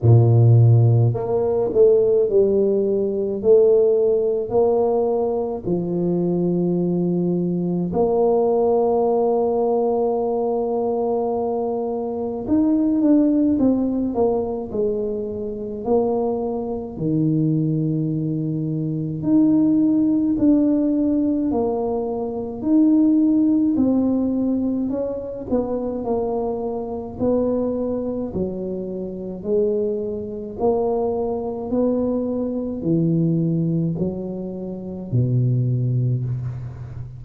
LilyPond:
\new Staff \with { instrumentName = "tuba" } { \time 4/4 \tempo 4 = 53 ais,4 ais8 a8 g4 a4 | ais4 f2 ais4~ | ais2. dis'8 d'8 | c'8 ais8 gis4 ais4 dis4~ |
dis4 dis'4 d'4 ais4 | dis'4 c'4 cis'8 b8 ais4 | b4 fis4 gis4 ais4 | b4 e4 fis4 b,4 | }